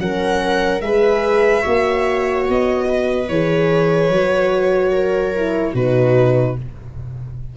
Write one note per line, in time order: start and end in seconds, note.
0.00 0.82 F#3
0.00 0.82 C#4
0.00 0.85 A#4
0.00 0.81 F#5
0.81 1.64 G#3
0.81 1.64 G#4
0.81 1.62 B4
0.81 2.46 E5
1.62 2.49 A#3
1.62 3.28 F#4
1.62 2.85 C#5
2.49 3.29 B3
2.49 3.29 D#5
2.89 4.92 B4
3.29 4.10 E3
3.29 4.13 G#4
3.29 5.75 C#5
4.10 5.74 F#3
4.10 5.36 F#4
4.92 5.73 A#4
5.36 5.75 E4
5.73 6.57 B2
5.73 6.58 D#4
5.73 6.55 F#4
5.73 6.58 B4